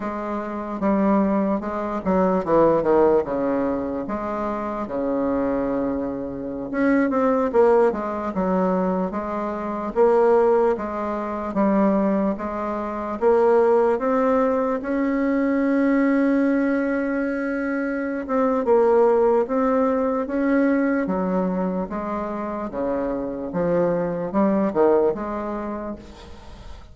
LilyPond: \new Staff \with { instrumentName = "bassoon" } { \time 4/4 \tempo 4 = 74 gis4 g4 gis8 fis8 e8 dis8 | cis4 gis4 cis2~ | cis16 cis'8 c'8 ais8 gis8 fis4 gis8.~ | gis16 ais4 gis4 g4 gis8.~ |
gis16 ais4 c'4 cis'4.~ cis'16~ | cis'2~ cis'8 c'8 ais4 | c'4 cis'4 fis4 gis4 | cis4 f4 g8 dis8 gis4 | }